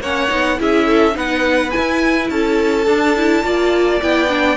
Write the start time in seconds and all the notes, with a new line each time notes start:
0.00 A#3 C#4 C#5 F#5
0.28 B3 D#4
0.58 C#4 E4 G#4 E5
0.86 A4
1.12 B3 D#4 B4 F#5
1.70 E4 G#5
1.77 E4
2.30 C#4 A4 A5
2.86 D4
3.16 E4
3.43 A#3 F4 D5
4.02 B3 E4 G5
4.29 D4